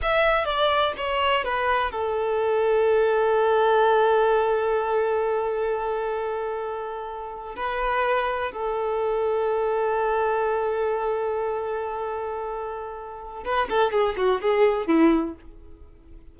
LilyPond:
\new Staff \with { instrumentName = "violin" } { \time 4/4 \tempo 4 = 125 e''4 d''4 cis''4 b'4 | a'1~ | a'1~ | a'2.~ a'8. b'16~ |
b'4.~ b'16 a'2~ a'16~ | a'1~ | a'1 | b'8 a'8 gis'8 fis'8 gis'4 e'4 | }